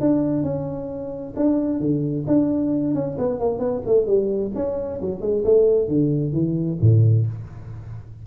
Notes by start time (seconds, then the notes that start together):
0.00 D4
0.43 C#4
1.36 D4
1.80 D3
2.27 D4
2.94 C#4
3.18 B3
3.39 A#3
3.59 B3
3.86 A3
4.06 G3
4.55 C#4
5.01 F#3
5.21 G#3
5.44 A3
5.88 D3
6.33 E3
6.81 A2